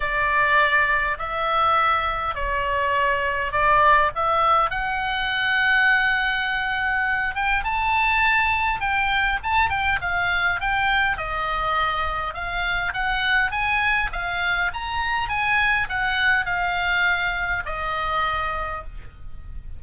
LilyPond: \new Staff \with { instrumentName = "oboe" } { \time 4/4 \tempo 4 = 102 d''2 e''2 | cis''2 d''4 e''4 | fis''1~ | fis''8 g''8 a''2 g''4 |
a''8 g''8 f''4 g''4 dis''4~ | dis''4 f''4 fis''4 gis''4 | f''4 ais''4 gis''4 fis''4 | f''2 dis''2 | }